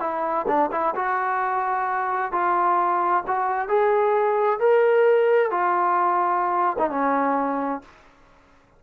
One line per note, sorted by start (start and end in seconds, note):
0.00 0.46 E4
0.48 0.71 D4
0.72 0.95 E4
0.95 2.32 F#4
2.32 3.24 F4
3.27 3.68 F#4
3.68 4.60 G#4
4.60 5.51 A#4
5.51 6.77 F4
6.78 6.90 D#4
6.90 7.81 C#4